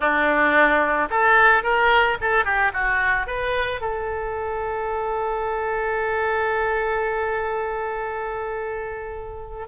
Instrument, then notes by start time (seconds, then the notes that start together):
oboe
0.00 D4
1.10 A4
1.63 A#4
2.20 A4
2.44 G4
2.73 F#4
3.26 B4
3.81 A4